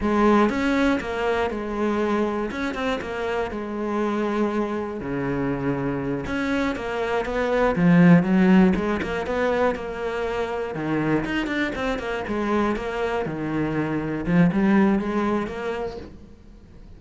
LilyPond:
\new Staff \with { instrumentName = "cello" } { \time 4/4 \tempo 4 = 120 gis4 cis'4 ais4 gis4~ | gis4 cis'8 c'8 ais4 gis4~ | gis2 cis2~ | cis8 cis'4 ais4 b4 f8~ |
f8 fis4 gis8 ais8 b4 ais8~ | ais4. dis4 dis'8 d'8 c'8 | ais8 gis4 ais4 dis4.~ | dis8 f8 g4 gis4 ais4 | }